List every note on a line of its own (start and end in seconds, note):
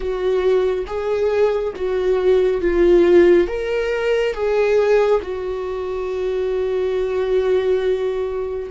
0.00 0.85 F#4
0.87 1.74 G#4
1.75 2.61 F#4
2.61 3.47 F4
3.47 4.33 A#4
4.33 5.20 G#4
5.22 8.70 F#4